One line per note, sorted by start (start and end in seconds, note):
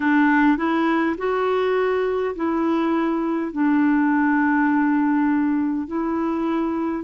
0.00 0.57 D4
0.57 1.16 E4
1.17 2.35 F#4
2.35 3.52 E4
3.52 5.87 D4
5.87 7.04 E4